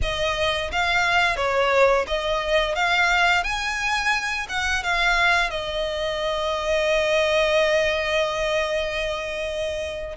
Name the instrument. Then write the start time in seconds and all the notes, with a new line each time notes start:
violin
0.02 D#5
0.71 F5
1.36 C#5
2.07 D#5
2.75 F5
3.43 G#5
4.49 F#5
4.83 F5
5.50 D#5